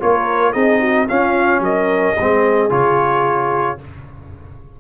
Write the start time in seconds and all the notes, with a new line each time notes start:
0.00 A#3 F4 A#4 C#5
0.53 C4 D#4 G#4 D#5
0.80 F#4
1.08 C#4 F4 F5
1.60 F#3 A#4 D#5
2.18 G#3 C4 G#4
2.70 C#3 F4 C#5